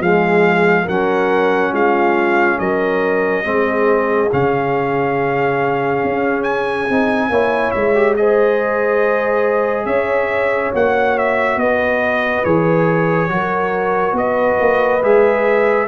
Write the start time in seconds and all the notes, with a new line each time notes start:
0.00 F3 G#3 G#4 F5
0.84 F#3 C#4 A#4 F#5
1.72 G#3 F4 F5
2.59 F#3 A#4 D#5
3.44 G#3 C4 G#4
4.31 C#3 C#4 F5
6.04 C#4
6.43 G#5
6.89 C4 D#4
7.29 A#3 E4 C#5
7.71 G#3 E5
7.95 G4
8.16 G#4 C5 D#5
9.86 C#4 C#5 E5
10.74 A#3 F#4 F#5
11.18 E5
11.56 B3 B4 D#5
12.44 E3 G#4 C#5
13.29 F#3 F#4 A#4
14.12 B3 B4 D#5
14.60 A#3
15.02 G#3 G#4 E5